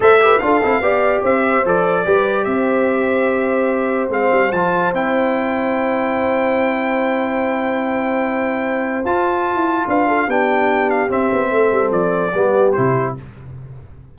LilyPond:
<<
  \new Staff \with { instrumentName = "trumpet" } { \time 4/4 \tempo 4 = 146 e''4 f''2 e''4 | d''2 e''2~ | e''2 f''4 a''4 | g''1~ |
g''1~ | g''2 a''2 | f''4 g''4. f''8 e''4~ | e''4 d''2 c''4 | }
  \new Staff \with { instrumentName = "horn" } { \time 4/4 c''8 b'8 a'4 d''4 c''4~ | c''4 b'4 c''2~ | c''1~ | c''1~ |
c''1~ | c''1 | b'8 a'8 g'2. | a'2 g'2 | }
  \new Staff \with { instrumentName = "trombone" } { \time 4/4 a'8 g'8 f'8 e'8 g'2 | a'4 g'2.~ | g'2 c'4 f'4 | e'1~ |
e'1~ | e'2 f'2~ | f'4 d'2 c'4~ | c'2 b4 e'4 | }
  \new Staff \with { instrumentName = "tuba" } { \time 4/4 a4 d'8 c'8 b4 c'4 | f4 g4 c'2~ | c'2 gis8 g8 f4 | c'1~ |
c'1~ | c'2 f'4~ f'16 e'8. | d'4 b2 c'8 b8 | a8 g8 f4 g4 c4 | }
>>